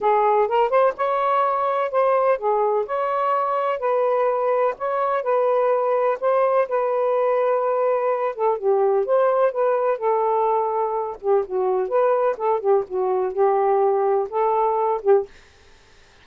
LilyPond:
\new Staff \with { instrumentName = "saxophone" } { \time 4/4 \tempo 4 = 126 gis'4 ais'8 c''8 cis''2 | c''4 gis'4 cis''2 | b'2 cis''4 b'4~ | b'4 c''4 b'2~ |
b'4. a'8 g'4 c''4 | b'4 a'2~ a'8 g'8 | fis'4 b'4 a'8 g'8 fis'4 | g'2 a'4. g'8 | }